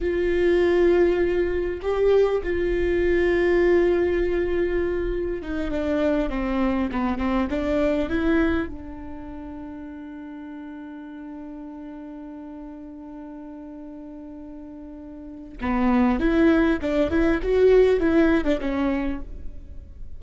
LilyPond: \new Staff \with { instrumentName = "viola" } { \time 4/4 \tempo 4 = 100 f'2. g'4 | f'1~ | f'4 dis'8 d'4 c'4 b8 | c'8 d'4 e'4 d'4.~ |
d'1~ | d'1~ | d'2 b4 e'4 | d'8 e'8 fis'4 e'8. d'16 cis'4 | }